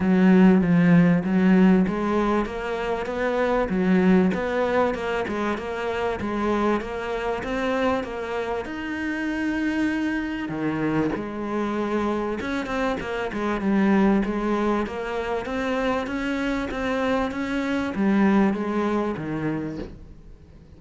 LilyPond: \new Staff \with { instrumentName = "cello" } { \time 4/4 \tempo 4 = 97 fis4 f4 fis4 gis4 | ais4 b4 fis4 b4 | ais8 gis8 ais4 gis4 ais4 | c'4 ais4 dis'2~ |
dis'4 dis4 gis2 | cis'8 c'8 ais8 gis8 g4 gis4 | ais4 c'4 cis'4 c'4 | cis'4 g4 gis4 dis4 | }